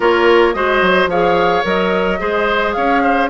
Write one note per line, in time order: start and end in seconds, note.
0.00 0.54 A#3
0.00 0.54 F4
0.00 0.55 A#4
0.00 0.53 C#5
0.53 0.81 G#3
0.53 1.09 F#4
0.53 1.09 C5
0.53 1.08 D#5
0.81 1.06 F#3
1.06 1.61 F3
1.06 1.63 G#4
1.06 2.19 C#5
1.06 1.64 F5
1.63 2.19 F#3
1.63 2.18 A#4
1.63 2.73 D#5
2.18 2.76 G#3
2.18 3.28 G#4
2.18 2.75 C5
2.73 3.30 C#4
2.73 3.02 C#5
2.73 3.28 F5
3.02 3.29 C5